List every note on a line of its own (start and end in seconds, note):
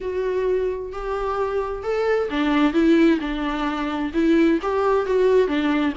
0.00 0.92 F#4
0.92 1.83 G4
1.83 2.28 A4
2.30 2.73 D4
2.73 3.19 E4
3.20 4.12 D4
4.13 4.59 E4
4.62 5.06 G4
5.06 5.47 F#4
5.47 5.93 D4